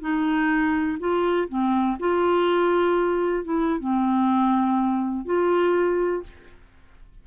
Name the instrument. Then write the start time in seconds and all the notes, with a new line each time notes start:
clarinet
0.00 D#4
0.99 F4
1.48 C4
1.99 F4
3.44 E4
3.79 C4
5.25 F4